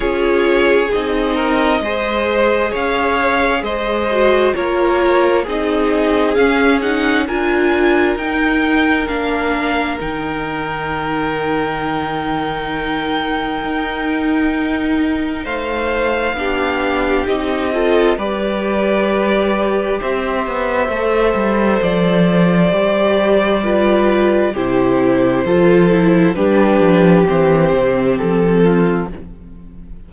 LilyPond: <<
  \new Staff \with { instrumentName = "violin" } { \time 4/4 \tempo 4 = 66 cis''4 dis''2 f''4 | dis''4 cis''4 dis''4 f''8 fis''8 | gis''4 g''4 f''4 g''4~ | g''1~ |
g''4 f''2 dis''4 | d''2 e''2 | d''2. c''4~ | c''4 b'4 c''4 a'4 | }
  \new Staff \with { instrumentName = "violin" } { \time 4/4 gis'4. ais'8 c''4 cis''4 | c''4 ais'4 gis'2 | ais'1~ | ais'1~ |
ais'4 c''4 g'4. a'8 | b'2 c''2~ | c''2 b'4 g'4 | a'4 g'2~ g'8 f'8 | }
  \new Staff \with { instrumentName = "viola" } { \time 4/4 f'4 dis'4 gis'2~ | gis'8 fis'8 f'4 dis'4 cis'8 dis'8 | f'4 dis'4 d'4 dis'4~ | dis'1~ |
dis'2 d'4 dis'8 f'8 | g'2. a'4~ | a'4 g'4 f'4 e'4 | f'8 e'8 d'4 c'2 | }
  \new Staff \with { instrumentName = "cello" } { \time 4/4 cis'4 c'4 gis4 cis'4 | gis4 ais4 c'4 cis'4 | d'4 dis'4 ais4 dis4~ | dis2. dis'4~ |
dis'4 a4 b4 c'4 | g2 c'8 b8 a8 g8 | f4 g2 c4 | f4 g8 f8 e8 c8 f4 | }
>>